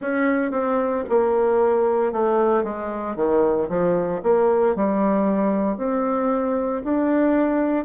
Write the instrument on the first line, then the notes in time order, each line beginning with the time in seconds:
bassoon
0.01 C#4
0.51 C4
1.09 A#3
2.12 A3
2.63 G#3
3.16 D#3
3.68 F3
4.22 A#3
4.75 G3
5.77 C4
6.83 D4